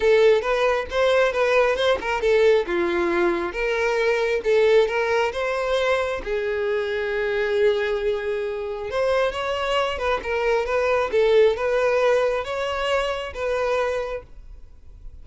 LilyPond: \new Staff \with { instrumentName = "violin" } { \time 4/4 \tempo 4 = 135 a'4 b'4 c''4 b'4 | c''8 ais'8 a'4 f'2 | ais'2 a'4 ais'4 | c''2 gis'2~ |
gis'1 | c''4 cis''4. b'8 ais'4 | b'4 a'4 b'2 | cis''2 b'2 | }